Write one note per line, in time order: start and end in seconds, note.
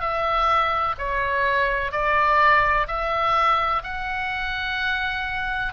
0.00 0.95 E5
0.98 1.91 C#5
1.91 2.87 D5
2.87 3.82 E5
3.84 5.73 F#5